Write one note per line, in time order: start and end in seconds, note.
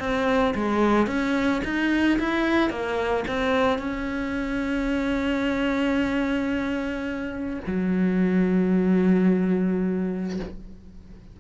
0.00 0.55 C4
0.56 1.08 G#3
1.08 1.62 C#4
1.65 2.19 D#4
2.20 2.70 E4
2.70 3.25 A#3
3.28 3.79 C4
3.79 7.61 C#4
7.68 10.40 F#3